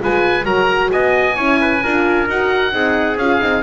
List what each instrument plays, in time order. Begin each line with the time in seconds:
0.00 double bass G#3, horn F4, trumpet B4, oboe G#5
0.43 double bass F#3, horn F#4, trumpet A#4, oboe A#5
0.92 double bass B3, trumpet D#5, oboe G#5
1.36 double bass C#4, horn E4, trumpet C#5
1.61 trumpet B4
1.83 double bass D4, horn F4, trumpet A#4
2.28 double bass D#4, horn F#4, oboe F#5
2.71 double bass C4, horn D#4, trumpet G#4
3.17 double bass C#4, horn F4, oboe F5
3.40 double bass C4, horn D#4